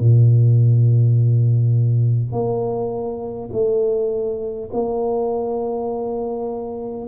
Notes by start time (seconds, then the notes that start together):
0.00 A#2
2.32 A#3
3.52 A3
4.73 A#3